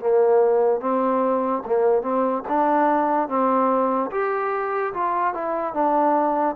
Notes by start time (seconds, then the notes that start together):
0.00 A#3
0.81 C4
1.66 A#3
2.02 C4
2.48 D4
3.28 C4
4.11 G4
4.94 F4
5.34 E4
5.73 D4